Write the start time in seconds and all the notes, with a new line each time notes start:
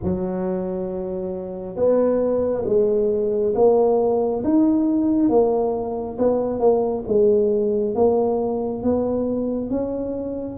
0.03 F#3
1.76 B3
2.65 G#3
3.55 A#3
4.44 D#4
5.29 A#3
6.18 B3
6.59 A#3
7.07 G#3
7.95 A#3
8.82 B3
9.70 C#4